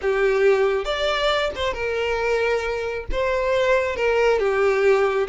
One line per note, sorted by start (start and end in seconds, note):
0.01 0.84 G4
0.84 1.50 D5
1.55 1.73 C5
1.73 3.05 A#4
3.11 3.95 C5
3.95 4.39 A#4
4.39 5.27 G4